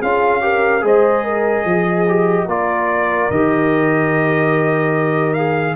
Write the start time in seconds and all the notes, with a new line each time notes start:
0.00 C#4 F4 G#4 F5
0.41 G4 A#4
0.81 G#3 G#4 C5 D#5
1.24 A#4
1.64 F3 G#4
2.08 G4
2.45 A#3 F4 A#4 D5
3.30 D#3 G4 D#5
5.34 G#4 F5